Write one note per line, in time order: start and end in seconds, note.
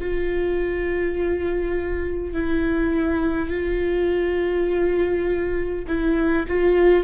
0.00 2.33 F4
2.33 3.50 E4
3.50 5.85 F4
5.87 6.46 E4
6.48 7.04 F4